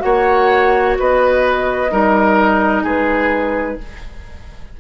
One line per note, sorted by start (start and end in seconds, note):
0.00 0.98 A#3
0.00 1.88 F#4
0.00 0.98 C#5
0.00 0.95 F#5
0.99 1.92 B3
0.99 1.92 B4
0.99 2.87 D#5
1.91 2.83 G3
1.91 3.78 D#4
1.91 2.83 A#4
2.83 3.77 G#3
2.83 3.77 G#4
2.83 3.80 B4